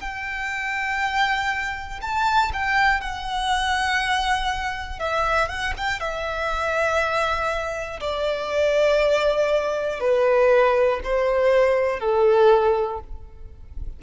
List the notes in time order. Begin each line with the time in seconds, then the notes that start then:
0.00 G5
2.01 A5
2.53 G5
3.00 F#5
4.99 E5
5.48 F#5
5.77 G5
6.00 E5
8.00 D5
10.00 B4
11.04 C5
12.00 A4